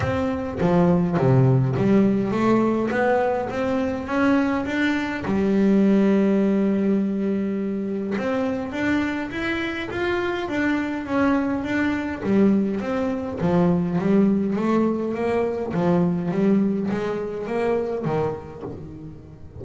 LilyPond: \new Staff \with { instrumentName = "double bass" } { \time 4/4 \tempo 4 = 103 c'4 f4 c4 g4 | a4 b4 c'4 cis'4 | d'4 g2.~ | g2 c'4 d'4 |
e'4 f'4 d'4 cis'4 | d'4 g4 c'4 f4 | g4 a4 ais4 f4 | g4 gis4 ais4 dis4 | }